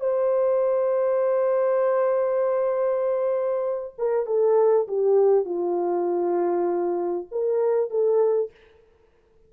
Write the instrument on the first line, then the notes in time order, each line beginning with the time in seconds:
horn
0.00 C5
3.98 A#4
4.26 A4
4.88 G4
5.45 F4
7.31 A#4
7.90 A4